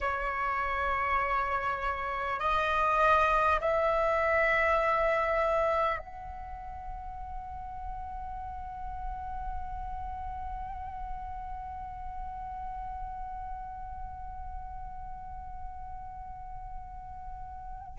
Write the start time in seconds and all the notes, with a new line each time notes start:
0.00 C#5
2.39 D#5
3.61 E5
5.98 F#5